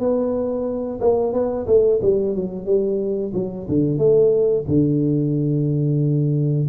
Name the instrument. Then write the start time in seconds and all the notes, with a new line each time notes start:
tuba
0.00 B3
1.01 A#3
1.33 B3
1.67 A3
2.02 G3
2.36 F#3
2.66 G3
3.34 F#3
3.69 D3
3.99 A3
4.68 D3